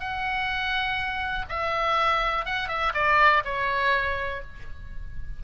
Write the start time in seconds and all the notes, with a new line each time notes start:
0.00 F#5
1.49 E5
2.46 F#5
2.69 E5
2.94 D5
3.45 C#5